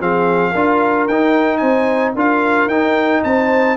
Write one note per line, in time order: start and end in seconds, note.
0.00 0.54 F3
0.00 0.54 C4
0.00 0.51 G#4
0.00 1.08 F5
0.51 1.08 D4
0.51 1.10 F4
0.51 1.59 A#4
1.08 1.62 D#4
1.08 2.17 D#4
1.08 1.58 G5
1.58 2.15 C4
1.58 2.14 C5
1.58 2.12 G#5
2.15 2.67 D4
2.15 2.71 F4
2.15 3.23 A#4
2.15 2.69 F5
2.67 3.21 D#4
2.67 3.77 D#4
2.67 3.23 G5
3.24 3.77 C4
3.24 3.77 C5
3.24 3.77 A5